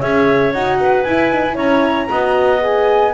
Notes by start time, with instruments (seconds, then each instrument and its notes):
0.00 double bass C#4, horn G#4, clarinet C#5, flute E5
0.53 double bass D#4, horn F#4, flute F#5
0.80 clarinet B4
1.03 double bass E4, horn E4, flute G#5
1.32 horn D#4
1.45 horn E4
1.54 double bass C#4, clarinet C#5, flute A#5
2.10 double bass B3, horn F#4, clarinet D#5
2.60 horn G#4, flute G#5